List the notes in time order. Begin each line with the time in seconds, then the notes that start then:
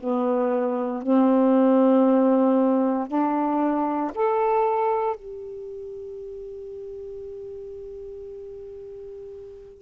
0.00 B3
1.03 C4
3.08 D4
4.15 A4
5.16 G4